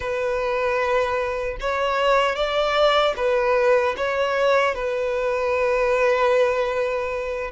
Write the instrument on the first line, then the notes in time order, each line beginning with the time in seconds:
violin
0.00 B4
1.60 C#5
2.35 D5
3.16 B4
3.96 C#5
4.74 B4